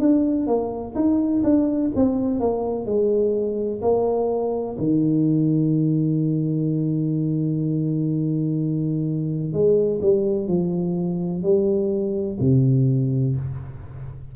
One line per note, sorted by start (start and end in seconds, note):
0.00 0.47 D4
0.47 0.94 A#3
0.96 1.43 D#4
1.44 1.91 D4
1.96 2.40 C4
2.40 2.86 A#3
2.86 3.81 G#3
3.82 4.77 A#3
4.78 9.53 D#3
9.53 10.00 G#3
10.01 10.48 G3
10.48 11.43 F3
11.43 12.39 G3
12.40 13.35 C3